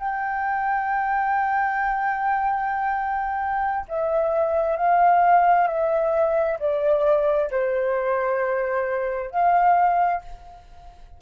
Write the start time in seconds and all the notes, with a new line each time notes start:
0.00 G5
3.89 E5
4.77 F5
5.68 E5
6.60 D5
7.51 C5
9.31 F5